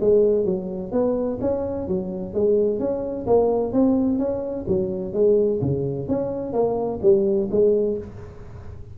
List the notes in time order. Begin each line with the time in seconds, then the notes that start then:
0.00 G#3
0.45 F#3
0.91 B3
1.41 C#4
1.88 F#3
2.34 G#3
2.79 C#4
3.26 A#3
3.72 C4
4.18 C#4
4.67 F#3
5.13 G#3
5.61 C#3
6.08 C#4
6.53 A#3
7.02 G3
7.51 G#3